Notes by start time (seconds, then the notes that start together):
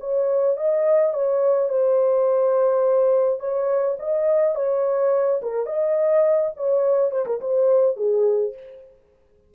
0.00 C#5
0.57 D#5
1.14 C#5
1.69 C5
3.40 C#5
3.99 D#5
4.55 C#5
5.42 A#4
5.66 D#5
6.56 C#5
7.11 C5
7.26 A#4
7.41 C5
7.97 G#4